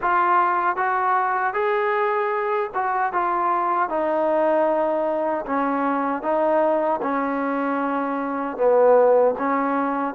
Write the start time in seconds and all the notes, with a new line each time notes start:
0.01 F4
0.76 F#4
1.53 G#4
2.74 F#4
3.12 F4
3.89 D#4
5.45 C#4
6.22 D#4
7.02 C#4
8.57 B3
9.38 C#4